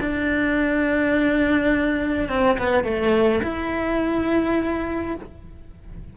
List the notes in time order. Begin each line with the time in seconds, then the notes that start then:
0.00 D4
2.29 C4
2.58 B3
2.84 A3
3.42 E4